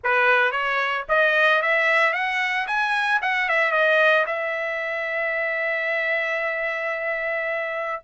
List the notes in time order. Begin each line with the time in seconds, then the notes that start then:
0.03 B4
0.51 C#5
1.08 D#5
1.61 E5
2.13 F#5
2.67 G#5
3.21 F#5
3.48 E5
3.71 D#5
4.26 E5